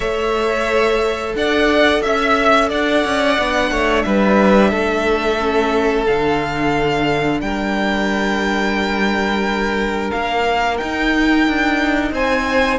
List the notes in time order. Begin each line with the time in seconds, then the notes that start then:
0.00 A3 A4 C#5 E5
1.34 D4 D5 F#5
2.02 C#4 E5
2.69 D4 D5 F#5
3.04 C#4
3.38 B3 D4
3.71 A3 C#5
4.02 G3 B4 E5
4.70 A3 A4
5.39 C#4
6.06 D3 D4 F5
7.41 G3 A#4 G5
10.11 A#3 F5
10.77 D#4 G5
11.47 D4
12.11 C4 C5 G#5